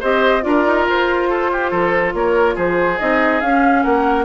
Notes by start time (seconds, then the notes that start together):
0.00 C4 G4 C5 D#5
0.41 D4 F4 A#4 D5
0.66 D#4
0.86 F4 C5
1.29 A4
1.52 G4
1.71 F3 A4
2.14 A#3 A#4 C#5
2.55 F3 G#4 C5
2.99 C4 D#4 D#5
3.41 C#4 F5
3.84 A#3 A#4 F#5